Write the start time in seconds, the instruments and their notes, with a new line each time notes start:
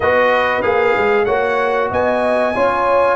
0.00 tuba B3, trombone F#4, horn B4, trumpet D#5
0.62 tuba A#3, trombone G#4, trumpet F5
0.97 tuba G#3
1.25 tuba A#3, trombone F#4, horn C#5, trumpet F#5
1.90 tuba B3, horn D#5, trumpet G#5
2.54 tuba C#4, trombone F4, horn C#5